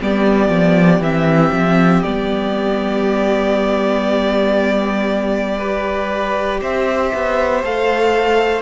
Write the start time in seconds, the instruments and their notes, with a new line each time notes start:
0.00 cello G3, viola B3, violin G4 D5
0.49 cello F3
1.00 cello E3, viola C4, violin E5
1.52 cello F3
2.03 cello G3, viola B3, violin D5
5.58 viola G4, violin B4
6.61 cello C4, violin C5 E5
7.14 cello B3
7.63 cello A3, viola A4, violin F5